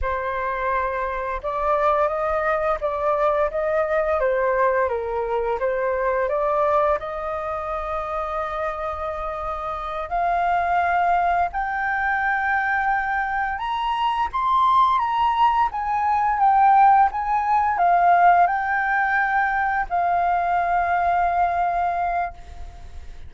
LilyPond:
\new Staff \with { instrumentName = "flute" } { \time 4/4 \tempo 4 = 86 c''2 d''4 dis''4 | d''4 dis''4 c''4 ais'4 | c''4 d''4 dis''2~ | dis''2~ dis''8 f''4.~ |
f''8 g''2. ais''8~ | ais''8 c'''4 ais''4 gis''4 g''8~ | g''8 gis''4 f''4 g''4.~ | g''8 f''2.~ f''8 | }